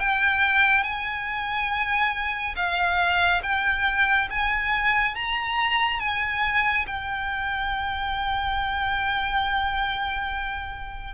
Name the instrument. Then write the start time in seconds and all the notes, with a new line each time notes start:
violin
0.00 G5
0.84 G#5
2.56 F5
3.43 G5
4.31 G#5
5.16 A#5
6.00 G#5
6.87 G5